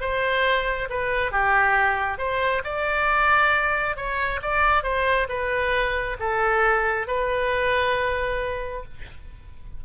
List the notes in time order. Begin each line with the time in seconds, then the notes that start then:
0.00 C5
0.89 B4
1.31 G4
2.18 C5
2.64 D5
3.96 C#5
4.42 D5
4.83 C5
5.29 B4
6.19 A4
7.07 B4